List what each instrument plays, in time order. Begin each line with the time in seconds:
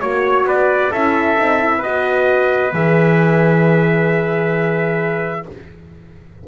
0.00 double bass A#3, horn F#4, trumpet C#5
0.45 double bass B3, trumpet B4 D5
0.91 double bass C#4, horn E4, trumpet A4 E5
1.38 double bass C4, horn D#4
1.59 horn E4
1.78 double bass B3, horn F#4, trumpet B4 D#5
2.73 double bass E3, horn G#4, trumpet E5